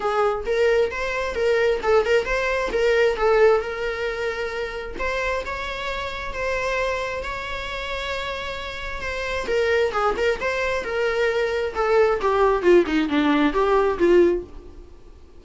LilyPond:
\new Staff \with { instrumentName = "viola" } { \time 4/4 \tempo 4 = 133 gis'4 ais'4 c''4 ais'4 | a'8 ais'8 c''4 ais'4 a'4 | ais'2. c''4 | cis''2 c''2 |
cis''1 | c''4 ais'4 gis'8 ais'8 c''4 | ais'2 a'4 g'4 | f'8 dis'8 d'4 g'4 f'4 | }